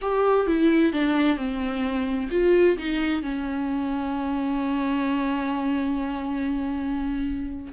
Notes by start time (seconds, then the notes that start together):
0.01 G4
0.46 E4
0.92 D4
1.37 C4
2.31 F4
2.77 D#4
3.22 C#4